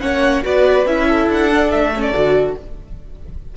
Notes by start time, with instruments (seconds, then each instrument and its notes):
0.00 cello A#3, viola C#4, violin C#5 F#5
0.42 cello B3, viola F#4, violin B4 D5
0.85 cello C#4, viola E4, violin E5
1.07 violin A4
1.27 cello D4, violin F#5
1.51 viola D4
1.71 cello A3, violin E5
1.95 viola C#4
2.01 violin D5
2.13 cello D3, viola F#4